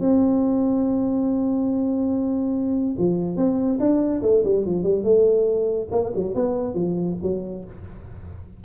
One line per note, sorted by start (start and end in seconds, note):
0.00 2.96 C4
2.98 3.36 F3
3.36 3.79 C4
3.80 4.22 D4
4.22 4.43 A3
4.44 4.66 G3
4.66 4.83 F3
4.83 5.04 G3
5.04 5.88 A3
5.91 6.12 A#3
6.15 6.35 F#3
6.35 6.74 B3
6.74 7.17 F3
7.22 7.65 F#3